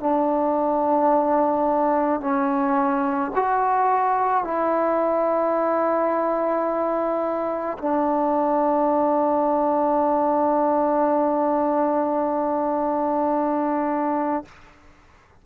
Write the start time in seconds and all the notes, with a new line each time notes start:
0.00 D4
2.21 C#4
3.35 F#4
4.44 E4
7.78 D4